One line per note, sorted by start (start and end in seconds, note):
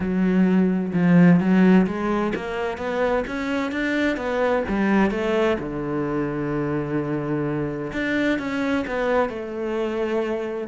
0.00 0.92 F#3
0.93 1.40 F3
1.40 1.86 F#3
1.86 2.33 G#3
2.35 2.77 A#3
2.77 3.24 B3
3.27 3.71 C#4
3.71 4.16 D4
4.16 4.63 B3
4.68 5.10 G3
5.10 5.57 A3
5.59 7.92 D3
7.92 8.38 D4
8.38 8.85 C#4
8.87 9.29 B3
9.29 10.67 A3